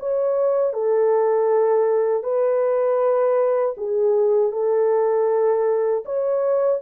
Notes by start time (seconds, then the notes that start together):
0.00 C#5
0.74 A4
2.24 B4
3.78 G#4
4.53 A4
6.06 C#5